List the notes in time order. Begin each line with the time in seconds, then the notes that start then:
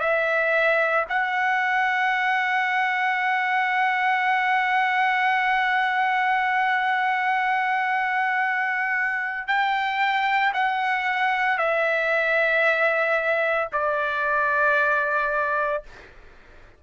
0.00 E5
1.10 F#5
9.48 G5
10.54 F#5
11.58 E5
13.73 D5